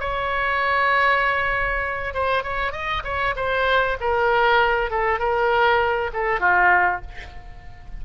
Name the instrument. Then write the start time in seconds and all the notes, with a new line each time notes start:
oboe
0.00 C#5
2.14 C5
2.43 C#5
2.72 D#5
3.04 C#5
3.36 C5
4.01 A#4
4.91 A4
5.19 A#4
6.14 A4
6.40 F4